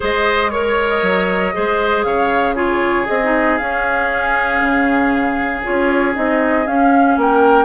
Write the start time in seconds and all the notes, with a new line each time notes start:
0.00 G#3 G#4 C5 D#5
0.50 A#4 C#5
0.89 D#5
1.01 F#3
1.53 G#3 G#4 C5
2.03 C#3 C#5 F5
2.55 F4 G#4 C#5
3.05 C4 G#4 D#5
3.23 D#4
3.57 C#4 F5
4.61 C#3
5.63 C#4 F4 C#5
6.14 C4 D#4 D#5
6.66 C#4 F5
7.17 A#3 A#4 G5